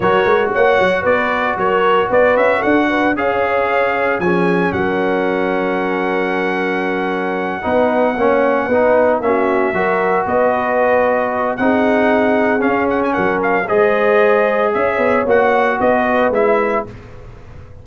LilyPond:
<<
  \new Staff \with { instrumentName = "trumpet" } { \time 4/4 \tempo 4 = 114 cis''4 fis''4 d''4 cis''4 | d''8 e''8 fis''4 f''2 | gis''4 fis''2.~ | fis''1~ |
fis''4. e''2 dis''8~ | dis''2 fis''2 | f''8 fis''16 gis''16 fis''8 f''8 dis''2 | e''4 fis''4 dis''4 e''4 | }
  \new Staff \with { instrumentName = "horn" } { \time 4/4 ais'4 cis''4 b'4 ais'4 | b'4 a'8 b'8 cis''2 | gis'4 ais'2.~ | ais'2~ ais'8 b'4 cis''8~ |
cis''8 b'4 fis'4 ais'4 b'8~ | b'2 gis'2~ | gis'4 ais'4 c''2 | cis''2 b'2 | }
  \new Staff \with { instrumentName = "trombone" } { \time 4/4 fis'1~ | fis'2 gis'2 | cis'1~ | cis'2~ cis'8 dis'4 cis'8~ |
cis'8 dis'4 cis'4 fis'4.~ | fis'2 dis'2 | cis'2 gis'2~ | gis'4 fis'2 e'4 | }
  \new Staff \with { instrumentName = "tuba" } { \time 4/4 fis8 gis8 ais8 fis8 b4 fis4 | b8 cis'8 d'4 cis'2 | f4 fis2.~ | fis2~ fis8 b4 ais8~ |
ais8 b4 ais4 fis4 b8~ | b2 c'2 | cis'4 fis4 gis2 | cis'8 b8 ais4 b4 gis4 | }
>>